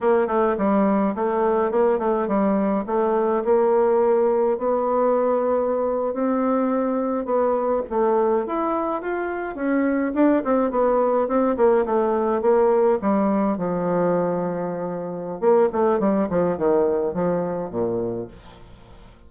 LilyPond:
\new Staff \with { instrumentName = "bassoon" } { \time 4/4 \tempo 4 = 105 ais8 a8 g4 a4 ais8 a8 | g4 a4 ais2 | b2~ b8. c'4~ c'16~ | c'8. b4 a4 e'4 f'16~ |
f'8. cis'4 d'8 c'8 b4 c'16~ | c'16 ais8 a4 ais4 g4 f16~ | f2. ais8 a8 | g8 f8 dis4 f4 ais,4 | }